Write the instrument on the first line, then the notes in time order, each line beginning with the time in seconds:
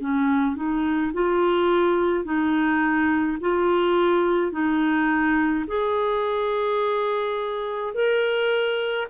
clarinet
0.00 C#4
0.56 D#4
1.13 F4
2.24 D#4
3.40 F4
4.51 D#4
5.67 G#4
7.94 A#4